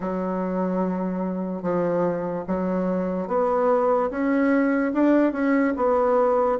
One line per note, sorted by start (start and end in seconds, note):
0.00 1.62 F#3
1.62 2.44 F3
2.47 3.27 F#3
3.27 4.09 B3
4.10 4.92 C#4
4.93 5.32 D4
5.32 5.73 C#4
5.76 6.58 B3